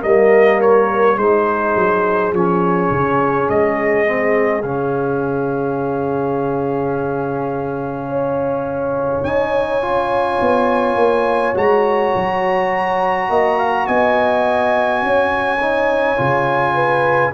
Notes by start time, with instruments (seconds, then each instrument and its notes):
0.00 tuba G3, trombone A#3, horn A#4, trumpet D#5
0.61 trumpet C#5
1.18 tuba G#3, trombone D#4, horn G#4, trumpet C5
1.76 tuba F#3
2.33 tuba F3, trombone C#4, trumpet C#5
2.91 tuba C#3
3.50 tuba G#3, trumpet D#5
4.06 trombone C4
4.63 tuba C#3, trombone C#4, trumpet F5
8.09 horn C#5
9.24 tuba C#4, trombone D#4, trumpet G#5
9.82 trombone F4
10.41 tuba B3
10.96 tuba A#3
11.55 tuba G#3, trombone F#4, trumpet A#5
12.16 tuba F#3
13.30 tuba A#3, horn D#5
13.59 horn F5
13.87 tuba B3, horn D#5, trumpet G#5
15.03 tuba C#4, horn C#5
15.61 trombone D#4
16.18 tuba C#3, trombone F4
16.75 horn B4